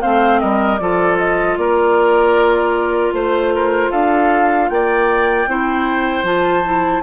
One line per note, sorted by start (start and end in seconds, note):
0.00 0.42 A3
0.00 0.78 C4
0.00 0.40 C5
0.00 0.39 F5
0.39 0.79 G3
0.39 0.80 A#4
0.39 0.78 D#5
0.78 1.57 F3
0.78 5.48 F4
0.78 1.59 A4
0.78 1.17 D5
1.18 1.57 D#5
1.57 3.12 A#3
1.57 3.14 A#4
1.57 3.13 D5
3.12 3.90 A3
3.12 3.53 C5
3.12 3.91 C5
3.55 3.90 A#4
3.90 4.69 D4
3.90 4.68 A4
3.90 4.69 F5
4.69 5.47 A#3
4.69 5.49 D5
4.69 6.25 G5
5.47 6.23 C4
5.47 6.24 E4
5.47 7.02 C5
6.23 7.01 F3
6.23 6.63 F4
6.23 7.02 A5
6.64 7.02 E4